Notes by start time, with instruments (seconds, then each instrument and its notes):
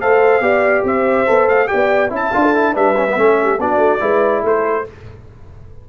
0.00 tuba A3, trombone A4, horn C5, trumpet F5
0.40 tuba B3, trombone G4, horn D5
0.83 tuba C4, horn C5, trumpet E5
1.26 tuba B3, trombone A4
1.48 tuba A3, trumpet F5
1.67 trombone G4, horn D5, trumpet G5
1.73 tuba B3
2.09 tuba C#4, trombone E4, horn E5, trumpet A5
2.32 tuba D4, trombone F4, horn F5
2.42 horn A4
2.54 trombone E4
2.72 tuba G3, trombone D4, horn B4, trumpet E5
2.96 trombone C#4
3.08 trombone B3
3.16 tuba A3, trombone C#4, horn A4
3.42 horn G4
3.58 tuba B3, trombone D4, horn F#4, trumpet D5
3.77 tuba A3
3.99 tuba G#3, trombone E4, horn B4
4.42 tuba A3, horn A4, trumpet C5